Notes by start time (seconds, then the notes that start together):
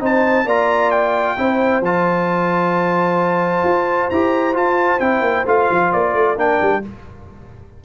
0.00 C4 D#4 C5 A5
0.45 A#3 F4 D5 A#5
0.91 G5
1.37 C4 E4 C5
1.81 F3 F4 A5
3.64 F4
4.10 E4 G4 A#5
4.54 F4 A5
5.00 C4 E4 G5
5.21 A#3
5.46 A3 F4 F5
5.71 F3
5.92 A#3 D5
6.14 A3
6.36 A#3 D4 A#4 G5
6.62 G3